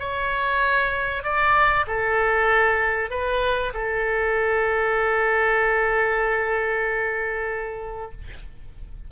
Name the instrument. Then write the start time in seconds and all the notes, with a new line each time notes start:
oboe
0.00 C#5
1.24 D5
1.88 A4
3.11 B4
3.74 A4